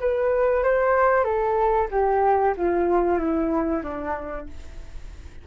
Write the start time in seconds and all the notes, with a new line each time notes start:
0.00 B4
0.63 C5
1.24 A4
1.91 G4
2.57 F4
3.19 E4
3.83 D4